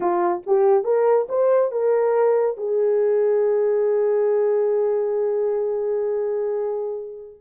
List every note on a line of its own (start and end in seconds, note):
0.00 0.42 F4
0.46 0.84 G4
0.84 1.27 A#4
1.29 1.71 C5
1.71 2.57 A#4
2.57 7.39 G#4